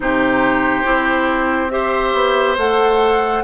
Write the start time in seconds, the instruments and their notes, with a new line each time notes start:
0.00 bassoon C3, clarinet D#4, oboe G4, flute C5
0.83 bassoon C4, clarinet E4
1.70 clarinet G4, oboe C5, flute E5
2.13 bassoon B3
2.57 bassoon A3, clarinet A4, flute F#5